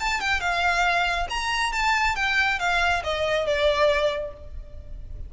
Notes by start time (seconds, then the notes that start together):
0.00 A5
0.21 G5
0.40 F5
1.30 A#5
1.73 A5
2.16 G5
2.59 F5
3.04 D#5
3.46 D5